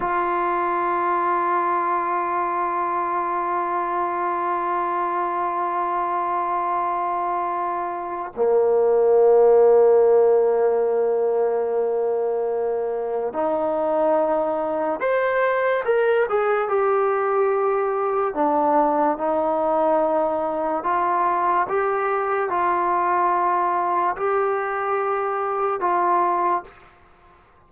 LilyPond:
\new Staff \with { instrumentName = "trombone" } { \time 4/4 \tempo 4 = 72 f'1~ | f'1~ | f'2 ais2~ | ais1 |
dis'2 c''4 ais'8 gis'8 | g'2 d'4 dis'4~ | dis'4 f'4 g'4 f'4~ | f'4 g'2 f'4 | }